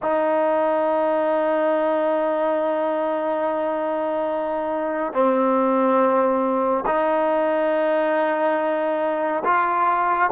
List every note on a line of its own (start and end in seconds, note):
0.02 5.13 D#4
5.13 6.84 C4
6.86 9.43 D#4
9.44 10.30 F4